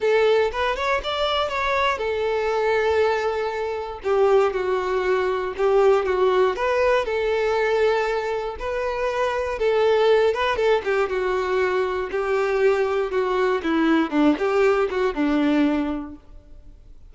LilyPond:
\new Staff \with { instrumentName = "violin" } { \time 4/4 \tempo 4 = 119 a'4 b'8 cis''8 d''4 cis''4 | a'1 | g'4 fis'2 g'4 | fis'4 b'4 a'2~ |
a'4 b'2 a'4~ | a'8 b'8 a'8 g'8 fis'2 | g'2 fis'4 e'4 | d'8 g'4 fis'8 d'2 | }